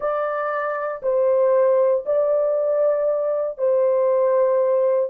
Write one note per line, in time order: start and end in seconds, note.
0.00 1.01 D5
1.02 2.04 C5
2.05 3.57 D5
3.57 5.10 C5